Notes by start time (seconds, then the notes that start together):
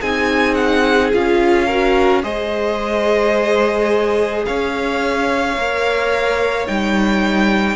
0.00 C4 D#4 G#4 G#5
0.54 F#5
1.12 C#4 F4 F5
1.66 F#4 A#4
2.22 G#3 G#4 C5 D#5
4.45 C#4 C#5 F5
5.56 A#3 A#4
6.66 G3 D#4 G5